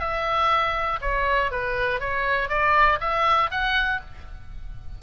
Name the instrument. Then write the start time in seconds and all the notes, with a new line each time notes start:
oboe
0.00 E5
1.02 C#5
1.52 B4
2.00 C#5
2.50 D5
3.01 E5
3.51 F#5